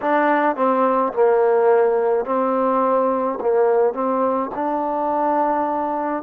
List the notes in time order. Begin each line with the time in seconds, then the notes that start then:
0.01 D4
0.56 C4
1.13 A#3
2.25 C4
3.41 A#3
3.93 C4
4.54 D4